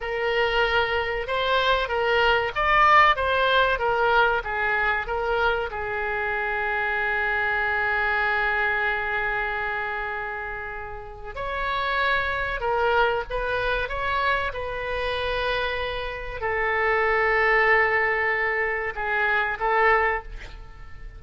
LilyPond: \new Staff \with { instrumentName = "oboe" } { \time 4/4 \tempo 4 = 95 ais'2 c''4 ais'4 | d''4 c''4 ais'4 gis'4 | ais'4 gis'2.~ | gis'1~ |
gis'2 cis''2 | ais'4 b'4 cis''4 b'4~ | b'2 a'2~ | a'2 gis'4 a'4 | }